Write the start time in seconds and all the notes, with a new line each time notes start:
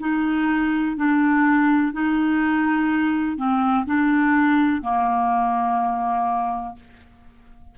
0.00 D#4
0.97 D4
1.92 D#4
3.37 C4
3.86 D4
4.82 A#3